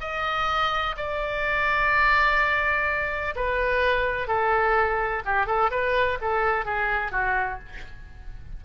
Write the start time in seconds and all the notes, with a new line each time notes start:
0.00 D#5
0.97 D5
3.35 B4
4.27 A4
5.25 G4
5.46 A4
5.71 B4
6.21 A4
6.65 G#4
7.11 F#4